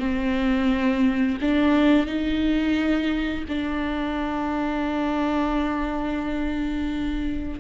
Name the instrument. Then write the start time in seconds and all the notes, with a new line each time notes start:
viola
0.00 C4
1.42 D4
2.07 D#4
3.49 D4